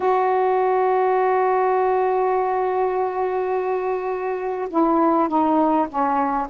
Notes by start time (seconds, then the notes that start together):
0.00 F#4
4.69 E4
5.28 D#4
5.88 C#4